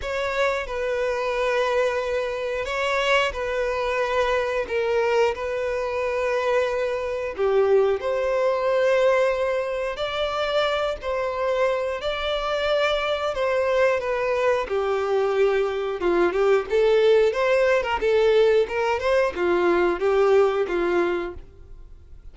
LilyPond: \new Staff \with { instrumentName = "violin" } { \time 4/4 \tempo 4 = 90 cis''4 b'2. | cis''4 b'2 ais'4 | b'2. g'4 | c''2. d''4~ |
d''8 c''4. d''2 | c''4 b'4 g'2 | f'8 g'8 a'4 c''8. ais'16 a'4 | ais'8 c''8 f'4 g'4 f'4 | }